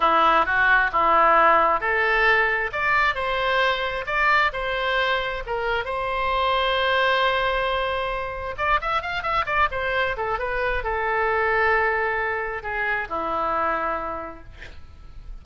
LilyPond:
\new Staff \with { instrumentName = "oboe" } { \time 4/4 \tempo 4 = 133 e'4 fis'4 e'2 | a'2 d''4 c''4~ | c''4 d''4 c''2 | ais'4 c''2.~ |
c''2. d''8 e''8 | f''8 e''8 d''8 c''4 a'8 b'4 | a'1 | gis'4 e'2. | }